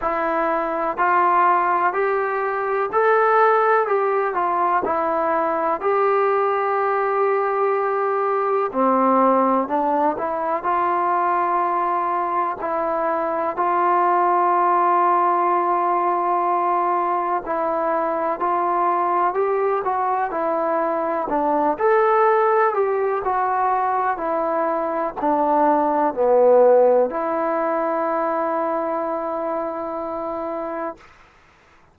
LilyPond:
\new Staff \with { instrumentName = "trombone" } { \time 4/4 \tempo 4 = 62 e'4 f'4 g'4 a'4 | g'8 f'8 e'4 g'2~ | g'4 c'4 d'8 e'8 f'4~ | f'4 e'4 f'2~ |
f'2 e'4 f'4 | g'8 fis'8 e'4 d'8 a'4 g'8 | fis'4 e'4 d'4 b4 | e'1 | }